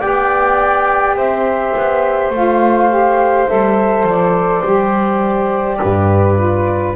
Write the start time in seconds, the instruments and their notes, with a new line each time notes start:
0.00 double bass B3, saxophone G4, flute D5 G5
1.16 double bass C4, flute C5 E5
1.77 double bass B3
2.30 double bass A3, saxophone F4, flute F5
2.89 saxophone G4
3.48 double bass G3, saxophone A4, flute E5
4.04 double bass F3, flute D5
4.64 double bass G3, saxophone G4
5.81 double bass G2, flute B4
6.36 saxophone F4